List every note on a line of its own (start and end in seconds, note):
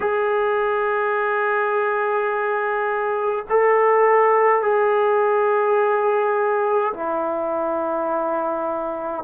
0.00 3.45 G#4
3.49 4.62 A4
4.62 6.92 G#4
6.93 9.23 E4